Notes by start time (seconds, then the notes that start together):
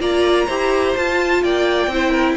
0.00 A#3 F4 D5 A#5
0.46 E4 G4 C5
0.96 F4 A5
1.44 A#3 D5 G5
1.87 C4 E4
1.94 C5
2.11 A#4